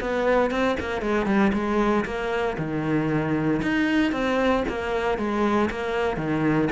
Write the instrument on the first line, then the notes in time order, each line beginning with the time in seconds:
cello
0.00 B3
0.50 C4
0.79 A#3
1.01 G#3
1.26 G3
1.53 G#3
2.05 A#3
2.57 D#3
3.62 D#4
4.12 C4
4.68 A#3
5.18 G#3
5.70 A#3
6.17 D#3